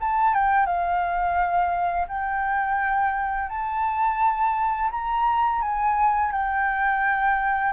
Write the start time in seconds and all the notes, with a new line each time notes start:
0.00 A5
0.34 G5
0.66 F5
2.08 G5
3.49 A5
4.91 A#5
5.61 G#5
6.31 G5